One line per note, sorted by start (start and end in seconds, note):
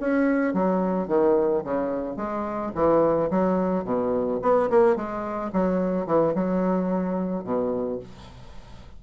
0.00 0.54 C#4
0.54 1.08 F#3
1.08 1.63 D#3
1.64 2.17 C#3
2.17 2.72 G#3
2.75 3.30 E3
3.31 3.84 F#3
3.84 4.40 B2
4.42 4.70 B3
4.70 4.96 A#3
4.96 5.52 G#3
5.53 6.06 F#3
6.06 6.34 E3
6.35 7.44 F#3
7.44 7.99 B2